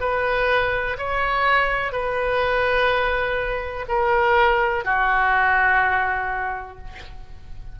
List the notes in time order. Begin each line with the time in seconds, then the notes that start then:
0.00 B4
0.97 C#5
1.92 B4
3.88 A#4
4.84 F#4